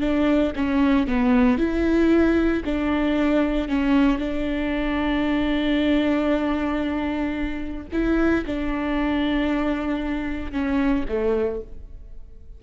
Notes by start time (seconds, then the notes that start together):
0.00 D4
0.56 C#4
1.07 B3
1.58 E4
2.65 D4
3.68 C#4
4.18 D4
7.92 E4
8.46 D4
10.52 C#4
11.08 A3